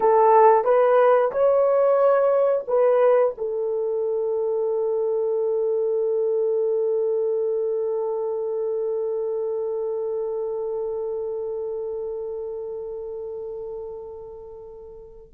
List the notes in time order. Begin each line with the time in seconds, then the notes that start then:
0.00 A4
0.64 B4
1.32 C#5
2.67 B4
3.37 A4